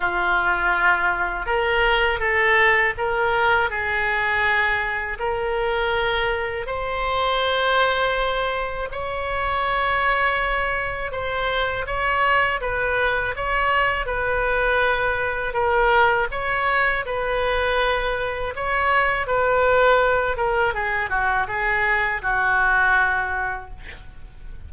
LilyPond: \new Staff \with { instrumentName = "oboe" } { \time 4/4 \tempo 4 = 81 f'2 ais'4 a'4 | ais'4 gis'2 ais'4~ | ais'4 c''2. | cis''2. c''4 |
cis''4 b'4 cis''4 b'4~ | b'4 ais'4 cis''4 b'4~ | b'4 cis''4 b'4. ais'8 | gis'8 fis'8 gis'4 fis'2 | }